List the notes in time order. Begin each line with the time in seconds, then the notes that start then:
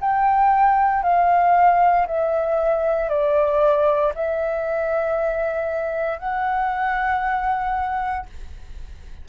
0.00 G5
1.03 F5
2.07 E5
3.09 D5
4.15 E5
6.19 F#5